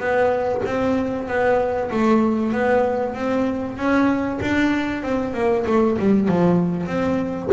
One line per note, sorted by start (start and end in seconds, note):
0.00 0.62 B3
0.66 1.28 C4
1.28 1.91 B3
1.91 2.53 A3
2.53 3.15 B3
3.15 3.77 C4
3.77 4.40 C#4
4.42 5.03 D4
5.03 5.34 C4
5.34 5.65 A#3
5.67 5.98 A3
5.99 6.29 G3
6.29 6.87 F3
6.87 7.49 C4